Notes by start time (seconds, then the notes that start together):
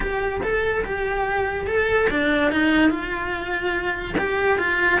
0.00 G4
0.42 A4
0.84 G4
1.66 A4
2.10 D4
2.51 D#4
2.89 F4
4.18 G4
4.58 F4